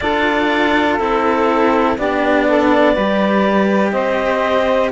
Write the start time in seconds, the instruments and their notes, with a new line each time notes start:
0.00 cello D4 F4, saxophone A4, clarinet D5
0.98 cello C4 E4, clarinet A4
1.97 cello B3 D4, saxophone G4, clarinet D5
2.48 saxophone A4
2.93 cello G3 G4, saxophone B4
3.91 cello C4, saxophone C5, clarinet D#5